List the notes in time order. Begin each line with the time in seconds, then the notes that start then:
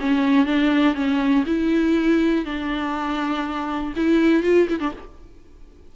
0.00 C#4
0.46 D4
0.95 C#4
1.46 E4
2.45 D4
3.96 E4
4.43 F4
4.69 E4
4.80 D4